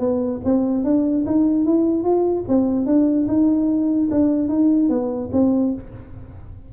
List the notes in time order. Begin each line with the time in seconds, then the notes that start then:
0.00 B3
0.45 C4
0.84 D4
1.26 D#4
1.65 E4
2.04 F4
2.48 C4
2.86 D4
3.28 D#4
4.11 D4
4.49 D#4
4.89 B3
5.33 C4